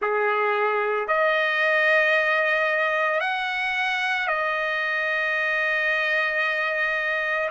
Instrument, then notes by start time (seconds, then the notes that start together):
trumpet
0.01 G#4
1.07 D#5
3.20 F#5
4.27 D#5